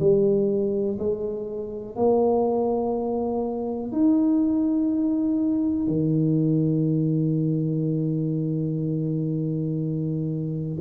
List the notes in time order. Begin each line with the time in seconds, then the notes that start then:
0.00 G3
0.99 G#3
1.96 A#3
3.92 D#4
5.87 D#3